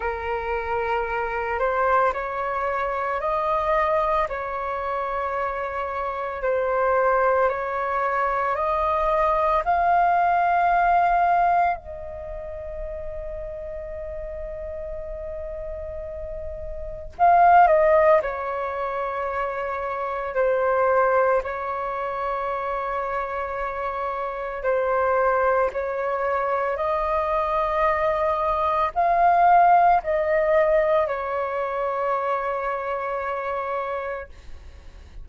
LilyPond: \new Staff \with { instrumentName = "flute" } { \time 4/4 \tempo 4 = 56 ais'4. c''8 cis''4 dis''4 | cis''2 c''4 cis''4 | dis''4 f''2 dis''4~ | dis''1 |
f''8 dis''8 cis''2 c''4 | cis''2. c''4 | cis''4 dis''2 f''4 | dis''4 cis''2. | }